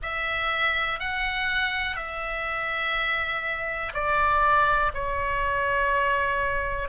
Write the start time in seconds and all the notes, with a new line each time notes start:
0.02 E5
0.99 F#5
1.96 E5
3.93 D5
4.94 C#5